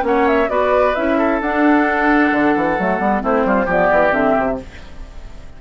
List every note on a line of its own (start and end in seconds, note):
0.00 0.48 A#3
0.00 0.45 C#4
0.00 0.27 F#5
0.07 0.50 C#5
0.27 0.49 E5
0.48 0.94 B3
0.48 0.94 F#4
0.48 1.18 B4
0.48 0.94 D5
0.94 1.40 C#4
0.94 1.41 E4
0.94 1.40 E5
1.18 3.22 A4
1.40 2.31 D4
1.40 2.78 D4
1.40 3.23 F#5
2.32 2.54 D3
2.56 2.78 E3
2.78 2.99 F#3
2.78 2.98 A3
2.98 3.22 G3
2.98 3.20 B3
3.20 3.45 A3
3.20 3.66 C4
3.20 3.45 E4
3.20 3.69 C5
3.45 3.66 G3
3.45 3.65 F4
3.65 3.89 F3
3.65 4.09 B3
3.65 4.56 G4
3.65 4.13 D5
3.91 4.12 E3
4.09 4.35 D3
4.09 4.55 C4
4.09 4.58 E5
4.38 4.61 C3